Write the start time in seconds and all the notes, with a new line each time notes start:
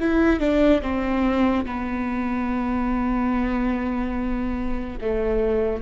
0.00 E4
0.41 D4
0.82 C4
1.66 B3
5.02 A3